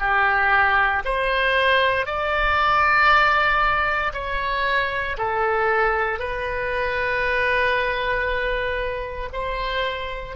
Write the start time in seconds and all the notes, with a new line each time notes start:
0.00 G4
1.05 C5
2.06 D5
4.14 C#5
5.18 A4
6.19 B4
9.33 C5